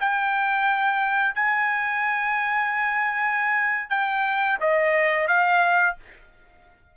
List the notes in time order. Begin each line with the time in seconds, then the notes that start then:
0.00 G5
1.35 G#5
3.90 G5
4.61 D#5
5.28 F5